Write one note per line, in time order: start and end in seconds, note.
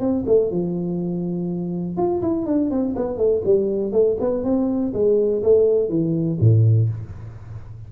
0.00 0.25 C4
0.27 0.51 A3
0.52 1.97 F3
1.97 2.22 F4
2.22 2.46 E4
2.46 2.71 D4
2.71 2.96 C4
2.96 3.18 B3
3.18 3.42 A3
3.45 3.93 G3
3.93 4.17 A3
4.20 4.44 B3
4.44 4.94 C4
4.94 5.43 G#3
5.43 5.89 A3
5.89 6.39 E3
6.41 6.90 A2